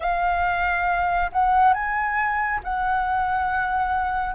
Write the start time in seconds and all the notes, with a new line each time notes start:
0.00 F5
1.32 F#5
1.73 G#5
2.63 F#5